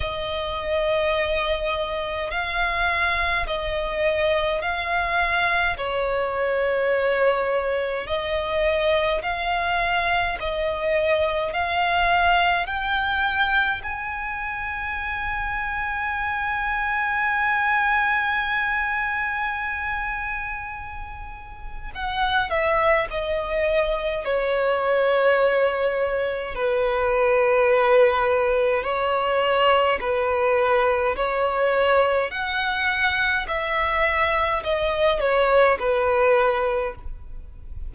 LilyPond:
\new Staff \with { instrumentName = "violin" } { \time 4/4 \tempo 4 = 52 dis''2 f''4 dis''4 | f''4 cis''2 dis''4 | f''4 dis''4 f''4 g''4 | gis''1~ |
gis''2. fis''8 e''8 | dis''4 cis''2 b'4~ | b'4 cis''4 b'4 cis''4 | fis''4 e''4 dis''8 cis''8 b'4 | }